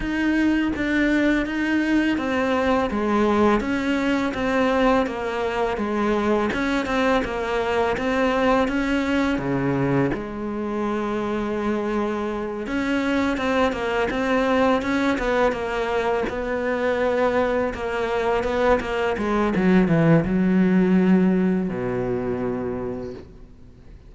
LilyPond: \new Staff \with { instrumentName = "cello" } { \time 4/4 \tempo 4 = 83 dis'4 d'4 dis'4 c'4 | gis4 cis'4 c'4 ais4 | gis4 cis'8 c'8 ais4 c'4 | cis'4 cis4 gis2~ |
gis4. cis'4 c'8 ais8 c'8~ | c'8 cis'8 b8 ais4 b4.~ | b8 ais4 b8 ais8 gis8 fis8 e8 | fis2 b,2 | }